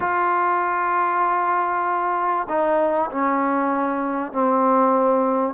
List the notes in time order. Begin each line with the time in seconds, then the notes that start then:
0.00 F4
2.48 D#4
3.11 C#4
4.32 C4